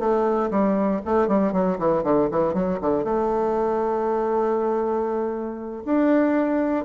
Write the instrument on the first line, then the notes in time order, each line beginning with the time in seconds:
bassoon
0.00 A3
0.51 G3
1.06 A3
1.28 G3
1.53 F#3
1.79 E3
2.04 D3
2.32 E3
2.54 F#3
2.82 D3
3.05 A3
5.85 D4